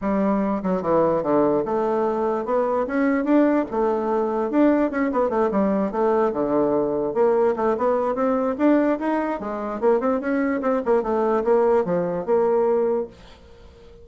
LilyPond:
\new Staff \with { instrumentName = "bassoon" } { \time 4/4 \tempo 4 = 147 g4. fis8 e4 d4 | a2 b4 cis'4 | d'4 a2 d'4 | cis'8 b8 a8 g4 a4 d8~ |
d4. ais4 a8 b4 | c'4 d'4 dis'4 gis4 | ais8 c'8 cis'4 c'8 ais8 a4 | ais4 f4 ais2 | }